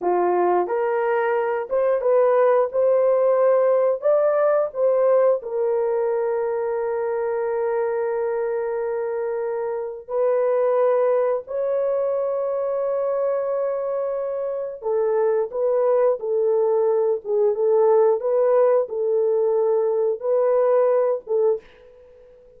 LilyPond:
\new Staff \with { instrumentName = "horn" } { \time 4/4 \tempo 4 = 89 f'4 ais'4. c''8 b'4 | c''2 d''4 c''4 | ais'1~ | ais'2. b'4~ |
b'4 cis''2.~ | cis''2 a'4 b'4 | a'4. gis'8 a'4 b'4 | a'2 b'4. a'8 | }